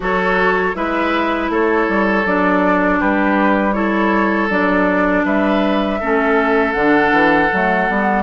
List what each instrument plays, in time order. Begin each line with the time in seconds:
0.00 bassoon F#3, clarinet F#4, oboe A4, flute C#5
0.74 bassoon G#3, clarinet E4, oboe B4, flute E5
1.49 bassoon A3, oboe A4, flute C#5
1.88 bassoon G3
2.25 bassoon F#3, clarinet D4, flute D5
2.99 bassoon G3, oboe G4, flute B4
3.73 clarinet E4, oboe A4, flute C#5
4.49 bassoon F#3, clarinet D4, flute D5
5.24 bassoon G3, oboe B4, flute E5
6.00 bassoon A3, clarinet C#4, oboe A4
6.72 bassoon D3, clarinet D4, flute F#5
7.11 bassoon E3
7.53 bassoon F#3, clarinet A3
7.89 bassoon G3, clarinet B3